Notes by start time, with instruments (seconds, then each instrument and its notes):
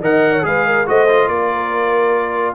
0.00 tuba D#3, trombone A#4, horn D#5, trumpet F#5
0.33 horn C#5
0.43 tuba G#3, trombone G#4, horn B4, trumpet F5
0.66 horn A#4
0.86 tuba A3, trombone F#4, horn C5, trumpet D#5
1.09 trombone F4
1.28 tuba A#3, horn A#4, trumpet D5